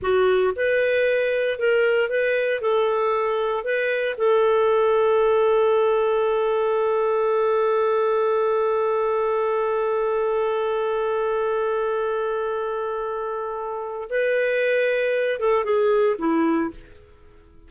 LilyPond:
\new Staff \with { instrumentName = "clarinet" } { \time 4/4 \tempo 4 = 115 fis'4 b'2 ais'4 | b'4 a'2 b'4 | a'1~ | a'1~ |
a'1~ | a'1~ | a'2. b'4~ | b'4. a'8 gis'4 e'4 | }